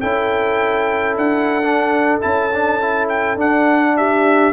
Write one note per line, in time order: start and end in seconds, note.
0.00 1.17 C#4
0.00 1.62 E4
0.00 3.93 A4
0.00 1.17 G5
1.17 2.19 D4
1.17 2.20 F#5
1.63 2.21 D4
2.21 3.36 C#4
2.21 2.50 E4
2.21 3.08 A5
2.53 2.81 D4
2.81 3.37 E4
3.08 3.38 G5
3.36 4.52 D4
3.36 4.53 D4
3.36 3.97 F#5
3.97 4.53 G4
3.97 4.53 E5